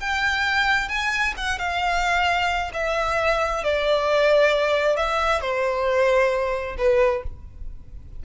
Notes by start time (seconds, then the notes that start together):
0.00 G5
0.89 G#5
1.37 F#5
1.59 F5
2.74 E5
3.64 D5
4.97 E5
5.41 C5
6.78 B4